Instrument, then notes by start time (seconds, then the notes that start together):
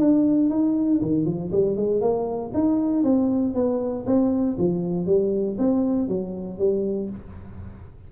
tuba
0.00 D4
0.50 D#4
1.02 D#3
1.26 F3
1.52 G3
1.77 G#3
2.01 A#3
2.54 D#4
3.04 C4
3.55 B3
4.07 C4
4.59 F3
5.07 G3
5.59 C4
6.09 F#3
6.59 G3